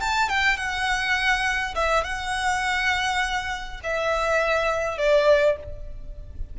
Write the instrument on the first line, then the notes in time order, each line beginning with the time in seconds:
violin
0.00 A5
0.29 G5
0.57 F#5
1.75 E5
2.04 F#5
3.83 E5
4.98 D5